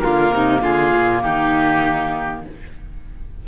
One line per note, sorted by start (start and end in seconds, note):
0.00 0.32 D3
0.00 2.48 A#3
0.00 0.35 F4
0.00 0.61 A#4
0.32 0.62 C3
0.32 0.62 D#4
0.62 0.93 D3
0.62 1.23 F4
0.62 1.23 G#4
0.95 1.24 A#2
1.23 2.47 D#3
1.23 2.46 D#4
1.23 2.46 G4